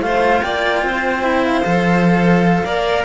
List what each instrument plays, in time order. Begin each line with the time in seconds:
0.00 cello A3 F4, violin C5, flute F5
0.41 cello A#3, violin D5, flute G5
0.82 cello C4, violin C5
1.22 cello E4
1.43 flute F5
1.64 cello F3 A4
2.63 cello A#3 A#4, violin D5